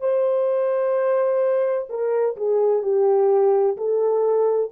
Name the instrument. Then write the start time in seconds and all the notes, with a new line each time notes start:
horn
0.00 C5
1.89 A#4
2.37 G#4
2.83 G4
3.77 A4